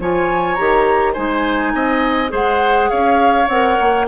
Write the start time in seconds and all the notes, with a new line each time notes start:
0.00 F3 F4 C#5 G#5
0.55 D#3 G4 A#5
1.13 G#3 D#4 C5 G#5
1.74 C4 D#5
2.29 G#3 G#4 C5 F#5
2.89 C#4 C#5 F5
3.48 C4 A#4 F#5
3.80 A#3